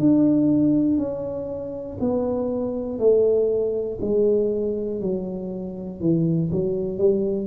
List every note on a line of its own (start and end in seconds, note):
0.00 0.98 D4
0.98 1.98 C#4
2.00 2.99 B3
2.99 3.99 A3
4.01 5.01 G#3
5.01 6.00 F#3
6.00 6.50 E3
6.51 6.98 F#3
6.98 7.47 G3